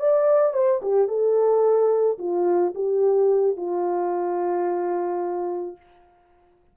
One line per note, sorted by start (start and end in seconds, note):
0.00 0.54 D5
0.54 0.81 C5
0.83 1.08 G4
1.08 2.18 A4
2.19 2.74 F4
2.75 3.57 G4
3.57 5.77 F4